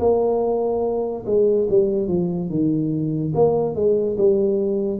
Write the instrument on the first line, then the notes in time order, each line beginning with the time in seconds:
tuba
0.00 A#3
1.27 G#3
1.70 G3
2.08 F3
2.50 D#3
3.35 A#3
3.75 G#3
4.18 G3